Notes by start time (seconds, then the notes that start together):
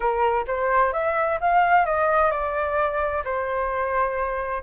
0.00 A#4
0.47 C5
0.93 E5
1.40 F5
1.85 D#5
2.31 D5
3.24 C5